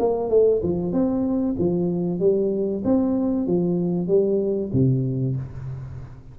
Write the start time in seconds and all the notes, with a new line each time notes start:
0.00 A#3
0.30 A3
0.63 F3
0.93 C4
1.59 F3
2.20 G3
2.85 C4
3.47 F3
4.08 G3
4.73 C3